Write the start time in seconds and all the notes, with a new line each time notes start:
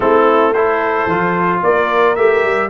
0.00 A3 C4 E4 A4
0.52 E4 A4 C5
1.05 F3 F4
1.62 A#3 A#4 D5
2.15 A3 G4 E5
2.43 G3